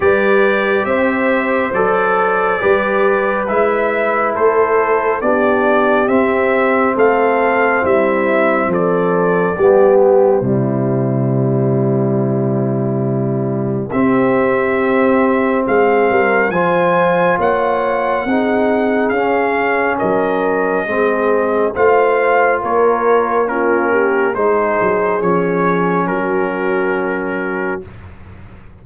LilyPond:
<<
  \new Staff \with { instrumentName = "trumpet" } { \time 4/4 \tempo 4 = 69 d''4 e''4 d''2 | e''4 c''4 d''4 e''4 | f''4 e''4 d''4. c''8~ | c''1 |
e''2 f''4 gis''4 | fis''2 f''4 dis''4~ | dis''4 f''4 cis''4 ais'4 | c''4 cis''4 ais'2 | }
  \new Staff \with { instrumentName = "horn" } { \time 4/4 b'4 c''2 b'4~ | b'4 a'4 g'2 | a'4 e'4 a'4 g'4 | e'1 |
g'2 gis'8 ais'8 c''4 | cis''4 gis'2 ais'4 | gis'4 c''4 ais'4 f'8 g'8 | gis'2 fis'2 | }
  \new Staff \with { instrumentName = "trombone" } { \time 4/4 g'2 a'4 g'4 | e'2 d'4 c'4~ | c'2. b4 | g1 |
c'2. f'4~ | f'4 dis'4 cis'2 | c'4 f'2 cis'4 | dis'4 cis'2. | }
  \new Staff \with { instrumentName = "tuba" } { \time 4/4 g4 c'4 fis4 g4 | gis4 a4 b4 c'4 | a4 g4 f4 g4 | c1 |
c'2 gis8 g8 f4 | ais4 c'4 cis'4 fis4 | gis4 a4 ais2 | gis8 fis8 f4 fis2 | }
>>